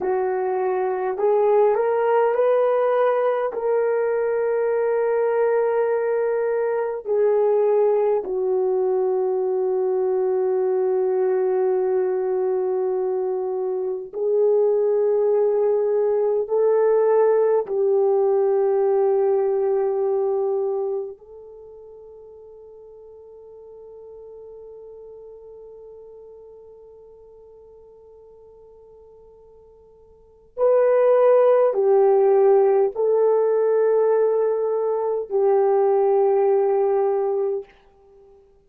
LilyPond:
\new Staff \with { instrumentName = "horn" } { \time 4/4 \tempo 4 = 51 fis'4 gis'8 ais'8 b'4 ais'4~ | ais'2 gis'4 fis'4~ | fis'1 | gis'2 a'4 g'4~ |
g'2 a'2~ | a'1~ | a'2 b'4 g'4 | a'2 g'2 | }